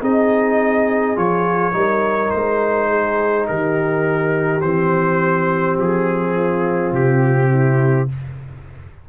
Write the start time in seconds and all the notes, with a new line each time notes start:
0.00 C4 D#4 G#4 D#5
1.16 F3 F4 C#5
1.72 G3 D#4 A#4
2.31 G#3 C5
2.89 G#4
3.47 D#3 G4 A#4
4.61 E3 C4 C5
5.77 F3 G#4
6.35 F4
6.92 C3 G4
7.50 E4